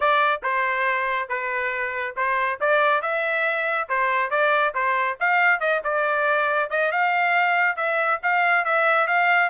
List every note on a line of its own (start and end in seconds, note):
0.00 0.41 D5
0.43 1.28 C5
1.28 2.15 B4
2.16 2.59 C5
2.60 3.02 D5
3.02 3.88 E5
3.88 4.30 C5
4.30 4.73 D5
4.74 5.17 C5
5.20 5.59 F5
5.59 5.81 D#5
5.84 6.70 D5
6.70 6.91 D#5
6.91 7.76 F5
7.76 8.19 E5
8.22 8.64 F5
8.64 9.07 E5
9.07 9.49 F5